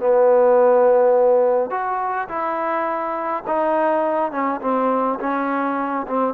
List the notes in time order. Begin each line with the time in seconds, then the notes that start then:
0.00 B3
1.71 F#4
2.29 E4
3.47 D#4
4.32 C#4
4.62 C4
5.20 C#4
6.07 C4